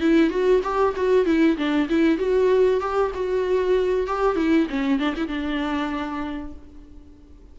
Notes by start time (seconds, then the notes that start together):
0.00 E4
0.30 F#4
0.63 G4
0.96 F#4
1.26 E4
1.57 D4
1.89 E4
2.18 F#4
2.80 G4
3.14 F#4
4.07 G4
4.36 E4
4.69 C#4
4.99 D4
5.16 E4
5.28 D4